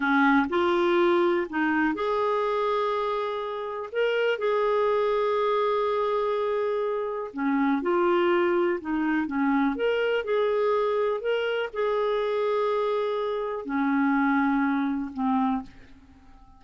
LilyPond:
\new Staff \with { instrumentName = "clarinet" } { \time 4/4 \tempo 4 = 123 cis'4 f'2 dis'4 | gis'1 | ais'4 gis'2.~ | gis'2. cis'4 |
f'2 dis'4 cis'4 | ais'4 gis'2 ais'4 | gis'1 | cis'2. c'4 | }